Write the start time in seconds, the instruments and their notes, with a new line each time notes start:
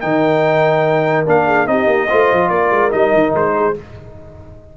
0.00 tuba D#3, trombone D#4, horn A#4, trumpet G5
1.26 tuba A#3, trombone D4, trumpet F5
1.45 horn G#4
1.66 tuba C4, trombone D#4, horn G4, trumpet D#5
1.87 tuba A#3
2.08 tuba A3, trombone F4, horn C5
2.32 tuba F3
2.48 tuba A#3, horn A#4, trumpet D5
2.71 tuba G#3
2.91 tuba G3, trombone D#4, trumpet D#5
3.13 tuba D#3
3.34 tuba G#3, trumpet C5
3.56 horn G#4